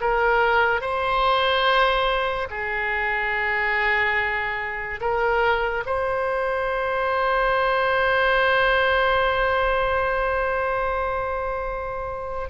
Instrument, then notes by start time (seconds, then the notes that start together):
oboe
0.00 A#4
0.81 C5
2.50 G#4
5.00 A#4
5.85 C5